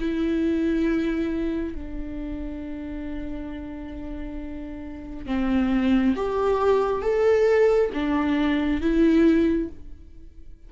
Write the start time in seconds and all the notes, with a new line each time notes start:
0.00 E4
1.75 D4
5.26 C4
6.16 G4
7.02 A4
7.94 D4
8.81 E4